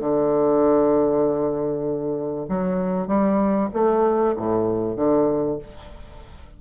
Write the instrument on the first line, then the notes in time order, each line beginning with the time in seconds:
bassoon
0.00 D3
2.49 F#3
3.08 G3
3.74 A3
4.37 A2
4.97 D3